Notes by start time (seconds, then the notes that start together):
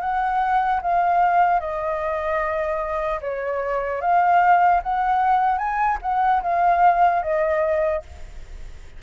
0.00 F#5
0.81 F5
1.60 D#5
3.21 C#5
4.01 F5
4.83 F#5
5.57 G#5
6.02 F#5
6.42 F5
7.22 D#5